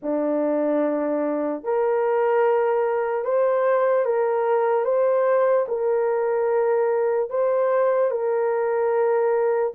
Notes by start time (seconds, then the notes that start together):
0.02 D4
1.63 A#4
3.24 C5
4.05 A#4
4.84 C5
5.68 A#4
7.30 C5
8.10 A#4